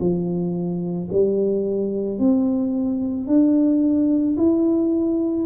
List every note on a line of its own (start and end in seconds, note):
0.00 1.09 F3
1.12 2.19 G3
2.19 3.27 C4
3.27 4.36 D4
4.37 5.46 E4